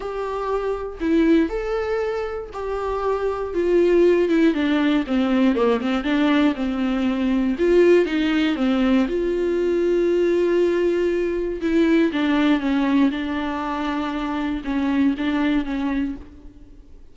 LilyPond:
\new Staff \with { instrumentName = "viola" } { \time 4/4 \tempo 4 = 119 g'2 e'4 a'4~ | a'4 g'2 f'4~ | f'8 e'8 d'4 c'4 ais8 c'8 | d'4 c'2 f'4 |
dis'4 c'4 f'2~ | f'2. e'4 | d'4 cis'4 d'2~ | d'4 cis'4 d'4 cis'4 | }